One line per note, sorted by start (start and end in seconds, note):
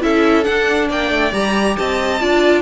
0.00 0.46 C#4
0.00 0.43 E4
0.00 0.88 A4
0.00 0.44 E5
0.43 1.30 D4
0.43 0.89 D4
0.43 0.87 F#5
0.88 1.10 A#3
0.88 1.75 D5
0.88 1.33 G5
1.10 1.32 A3
1.31 1.76 G3
1.31 2.18 G4
1.31 1.77 A#5
1.77 2.21 C4
1.77 2.21 D#5
1.77 2.62 A5
2.20 2.62 D4
2.20 2.62 F4
2.20 2.62 D5